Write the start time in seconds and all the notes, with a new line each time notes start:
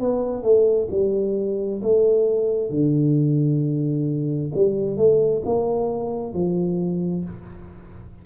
0.00 B3
0.43 A3
0.91 G3
1.82 A3
2.70 D3
4.55 G3
4.97 A3
5.45 A#3
6.34 F3